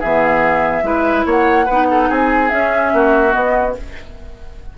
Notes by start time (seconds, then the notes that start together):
0.00 E3 B3 G#4 E5
0.83 G#3 E4 B4
1.26 A#3 C#5 F#5
1.66 B3 B4
1.72 D#4
1.91 A4
2.09 C4 G#4 G#5
2.50 C#4 E5
2.93 A#3 F#4
3.31 B3 D#5